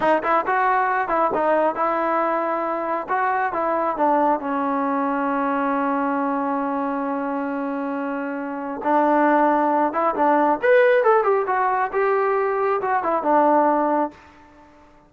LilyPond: \new Staff \with { instrumentName = "trombone" } { \time 4/4 \tempo 4 = 136 dis'8 e'8 fis'4. e'8 dis'4 | e'2. fis'4 | e'4 d'4 cis'2~ | cis'1~ |
cis'1 | d'2~ d'8 e'8 d'4 | b'4 a'8 g'8 fis'4 g'4~ | g'4 fis'8 e'8 d'2 | }